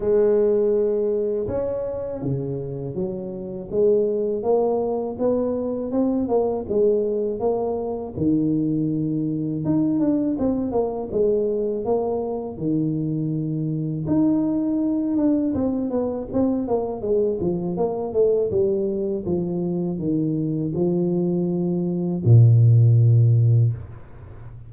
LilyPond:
\new Staff \with { instrumentName = "tuba" } { \time 4/4 \tempo 4 = 81 gis2 cis'4 cis4 | fis4 gis4 ais4 b4 | c'8 ais8 gis4 ais4 dis4~ | dis4 dis'8 d'8 c'8 ais8 gis4 |
ais4 dis2 dis'4~ | dis'8 d'8 c'8 b8 c'8 ais8 gis8 f8 | ais8 a8 g4 f4 dis4 | f2 ais,2 | }